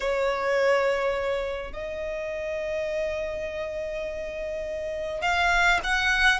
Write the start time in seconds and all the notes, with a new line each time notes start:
0.00 C#5
1.72 D#5
5.21 F5
5.83 F#5